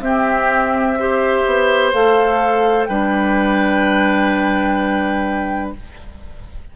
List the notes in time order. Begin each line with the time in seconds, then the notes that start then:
0.00 C4 G4 E5
0.99 G4 C5
1.46 B3
1.93 A3 A4 F5
2.85 G3 D4 B4 G5